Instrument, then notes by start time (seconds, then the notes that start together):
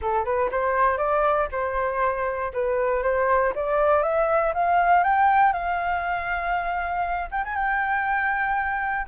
flute
0.01 A4
0.24 B4
0.51 C5
0.97 D5
1.51 C5
2.53 B4
3.02 C5
3.55 D5
4.02 E5
4.54 F5
5.03 G5
5.52 F5
7.31 G5
7.44 G#5
7.55 G5